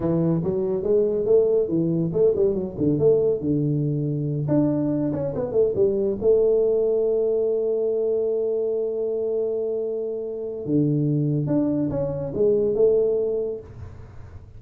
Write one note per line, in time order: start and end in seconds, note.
0.00 0.42 E3
0.43 0.83 F#3
0.83 1.25 G#3
1.25 1.68 A3
1.68 2.11 E3
2.13 2.34 A3
2.35 2.54 G3
2.54 2.75 F#3
2.77 2.98 D3
2.98 3.40 A3
3.40 4.46 D3
4.48 5.12 D4
5.13 5.34 C#4
5.35 5.52 B3
5.52 5.73 A3
5.75 6.18 G3
6.20 10.65 A3
10.65 11.46 D3
11.46 11.89 D4
11.90 12.32 C#4
12.34 12.74 G#3
12.74 13.60 A3